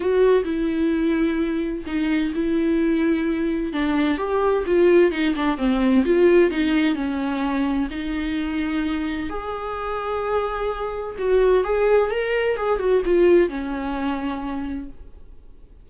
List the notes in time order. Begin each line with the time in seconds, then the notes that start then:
0.00 F#4
0.44 E4
1.86 D#4
2.35 E4
3.73 D4
4.17 G4
4.66 F4
5.11 D#4
5.35 D4
5.57 C4
6.05 F4
6.50 D#4
6.95 C#4
7.90 D#4
9.29 G#4
11.18 F#4
11.64 G#4
12.10 A#4
12.57 G#4
12.79 F#4
13.05 F4
13.49 C#4